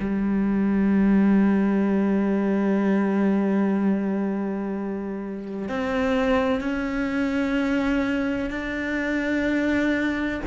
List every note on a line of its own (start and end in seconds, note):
0.00 5.69 G3
5.69 6.61 C4
6.61 8.51 C#4
8.51 10.41 D4